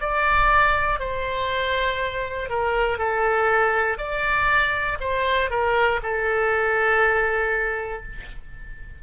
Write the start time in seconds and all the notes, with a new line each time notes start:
0.00 D5
1.00 C5
2.50 A#4
2.99 A4
3.98 D5
5.00 C5
5.50 A#4
6.03 A4